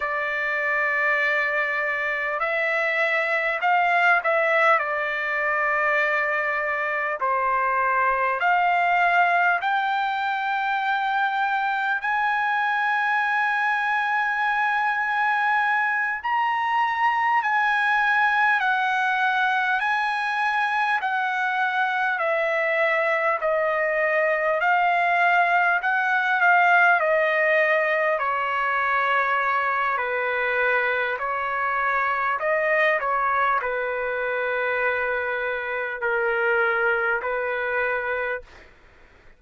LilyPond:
\new Staff \with { instrumentName = "trumpet" } { \time 4/4 \tempo 4 = 50 d''2 e''4 f''8 e''8 | d''2 c''4 f''4 | g''2 gis''2~ | gis''4. ais''4 gis''4 fis''8~ |
fis''8 gis''4 fis''4 e''4 dis''8~ | dis''8 f''4 fis''8 f''8 dis''4 cis''8~ | cis''4 b'4 cis''4 dis''8 cis''8 | b'2 ais'4 b'4 | }